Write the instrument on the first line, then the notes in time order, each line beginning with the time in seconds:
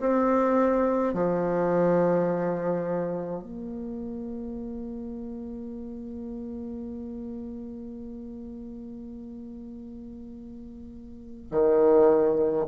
bassoon
0.00 C4
1.14 F3
3.42 A#3
11.51 D#3